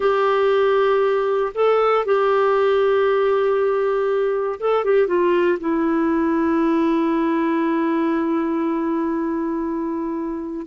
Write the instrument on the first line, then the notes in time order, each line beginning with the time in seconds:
clarinet
0.00 G4
1.54 A4
2.05 G4
4.59 A4
4.84 G4
5.07 F4
5.59 E4